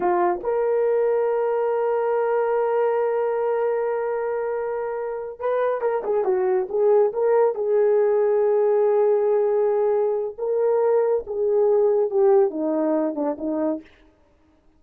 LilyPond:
\new Staff \with { instrumentName = "horn" } { \time 4/4 \tempo 4 = 139 f'4 ais'2.~ | ais'1~ | ais'1~ | ais'8 b'4 ais'8 gis'8 fis'4 gis'8~ |
gis'8 ais'4 gis'2~ gis'8~ | gis'1 | ais'2 gis'2 | g'4 dis'4. d'8 dis'4 | }